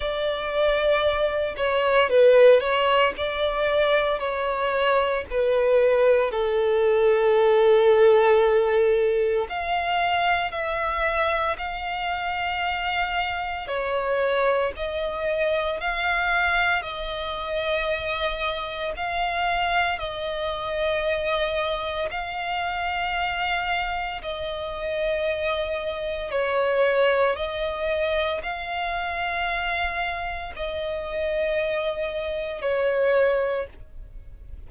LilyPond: \new Staff \with { instrumentName = "violin" } { \time 4/4 \tempo 4 = 57 d''4. cis''8 b'8 cis''8 d''4 | cis''4 b'4 a'2~ | a'4 f''4 e''4 f''4~ | f''4 cis''4 dis''4 f''4 |
dis''2 f''4 dis''4~ | dis''4 f''2 dis''4~ | dis''4 cis''4 dis''4 f''4~ | f''4 dis''2 cis''4 | }